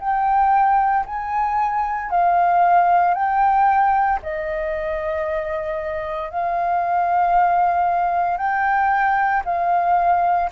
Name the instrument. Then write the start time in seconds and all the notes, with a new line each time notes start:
flute
0.00 G5
1.06 G#5
2.11 F5
3.15 G5
4.23 D#5
6.31 F5
8.38 G5
9.45 F5